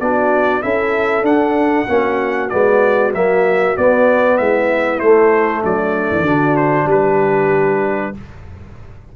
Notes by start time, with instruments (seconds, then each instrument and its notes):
0.00 tuba B3, trombone D4, horn F#4, trumpet D5
0.62 tuba C#4, trombone E4, horn A4, trumpet E5
1.22 tuba D4, trombone D4, trumpet F#5
1.87 tuba A#3, trombone C#4, horn F#4
2.49 tuba G#3, trombone B3, trumpet D5
3.13 tuba F#3, trombone A#3, trumpet E5
3.76 trombone B3, tuba B3, trumpet D5
4.37 tuba G#3, horn E4, trumpet E5
4.99 tuba A3, trombone A3, trumpet C5
5.62 tuba F#3, horn D4, trumpet D5
6.11 tuba E3
6.22 tuba D3, trombone D4, horn F#4
6.57 trumpet C5
6.85 tuba G3, horn G4, trumpet B4